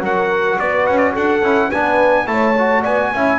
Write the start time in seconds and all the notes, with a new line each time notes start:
0.00 F#3 F#4 A#4 F#5
0.59 B3 B4 D5
0.87 C#4 F#5
0.98 D5
1.13 D4 A4 F#5
1.42 C#4 E4
1.69 B3 D4 B4 G#5
2.26 A3 E4 C#5 A5
2.58 F#4
2.82 B3 D5 G#5
3.14 C#4 E4 E5